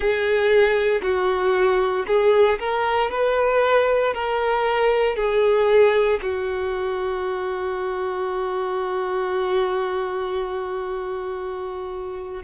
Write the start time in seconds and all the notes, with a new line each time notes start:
0.00 G#4
1.02 F#4
2.07 G#4
2.59 A#4
3.10 B4
4.14 A#4
5.16 G#4
6.22 F#4